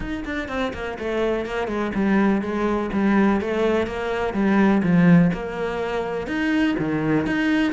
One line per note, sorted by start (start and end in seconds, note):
0.00 0.24 D#4
0.24 0.48 D4
0.48 0.72 C4
0.73 0.98 A#3
0.99 1.45 A3
1.45 1.67 A#3
1.67 1.91 G#3
1.95 2.41 G3
2.41 2.90 G#3
2.92 3.40 G3
3.40 3.86 A3
3.86 4.33 A#3
4.33 4.82 G3
4.83 5.31 F3
5.33 6.27 A#3
6.27 6.75 D#4
6.78 7.26 D#3
7.26 7.72 D#4